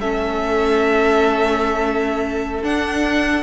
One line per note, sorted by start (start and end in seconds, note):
0.00 2.64 A3
0.00 2.63 C#4
0.00 3.43 A4
0.00 2.64 E5
2.63 3.43 D4
2.63 3.43 F#5